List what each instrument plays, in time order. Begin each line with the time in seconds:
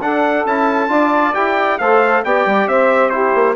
0.00 bassoon D4, trombone D4, saxophone A4, trumpet F#5
0.45 bassoon C#4, trombone E4, trumpet A5
0.89 bassoon D4, trombone F4, saxophone D5
1.33 bassoon E4, trombone G4, trumpet G5
1.78 bassoon A3, trombone A4, saxophone C5, trumpet F5
2.24 bassoon B3, trombone G4, saxophone D5, trumpet G5
2.46 bassoon G3
2.67 bassoon C4, saxophone C5, trumpet E5
3.10 trombone E4, saxophone G4, trumpet C5
3.35 bassoon A#3